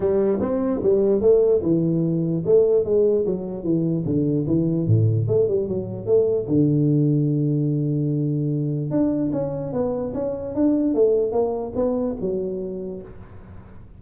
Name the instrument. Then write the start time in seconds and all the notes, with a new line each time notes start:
tuba
0.00 G3
0.40 C4
0.83 G3
1.21 A3
1.62 E3
2.45 A3
2.84 G#3
3.25 F#3
3.63 E3
4.05 D3
4.46 E3
4.86 A2
5.27 A3
5.47 G3
5.68 F#3
6.06 A3
6.47 D3
8.90 D4
9.32 C#4
9.72 B3
10.14 C#4
10.54 D4
10.94 A3
11.32 A#3
11.75 B3
12.20 F#3